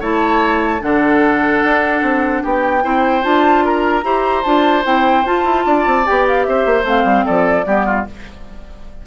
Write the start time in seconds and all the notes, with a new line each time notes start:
0.00 A3 E4 C#5 A5
0.80 D3 D4 A4 F#5
1.64 D4
2.02 C4
2.43 B3 G4 G5
2.82 C4 E4 C5
3.22 D4 F4 A5
3.64 A#4 A#5
4.03 E4 G4 C5
4.43 D4 F4 A5
4.84 C4 E4 G5
5.26 F4 A5
5.44 E4
5.66 D4 D5
5.86 C4
6.05 B3 G4 G5
6.28 F5
6.44 C4 C5 E5
6.66 A#3
6.83 A3 C4 F5
7.04 G3
7.25 F3 A4 D5
7.66 G3 B3 G4
7.85 F4